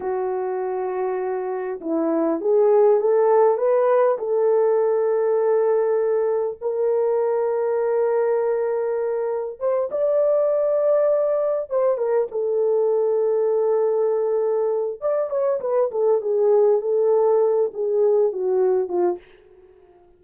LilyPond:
\new Staff \with { instrumentName = "horn" } { \time 4/4 \tempo 4 = 100 fis'2. e'4 | gis'4 a'4 b'4 a'4~ | a'2. ais'4~ | ais'1 |
c''8 d''2. c''8 | ais'8 a'2.~ a'8~ | a'4 d''8 cis''8 b'8 a'8 gis'4 | a'4. gis'4 fis'4 f'8 | }